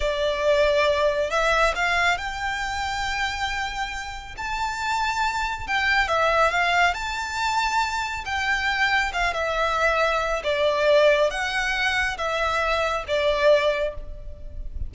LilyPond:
\new Staff \with { instrumentName = "violin" } { \time 4/4 \tempo 4 = 138 d''2. e''4 | f''4 g''2.~ | g''2 a''2~ | a''4 g''4 e''4 f''4 |
a''2. g''4~ | g''4 f''8 e''2~ e''8 | d''2 fis''2 | e''2 d''2 | }